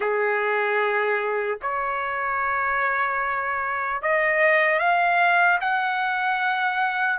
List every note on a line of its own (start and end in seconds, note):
0.00 1.59 G#4
1.62 4.02 C#5
4.02 4.79 D#5
4.79 5.59 F5
5.60 7.19 F#5